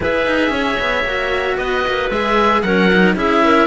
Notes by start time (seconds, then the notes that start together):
0.00 E4 G#4 B4 E5
0.26 D#4
0.49 C#4 C#5
0.79 B3
1.04 A#3 F#4
1.57 B3 B4 D#5
1.87 A#3
2.09 G#3 G#4 E5
2.62 F#3 C#4 A#4 F#5
2.92 D#4
3.15 C#4 E4 G#4 E5
3.44 A#4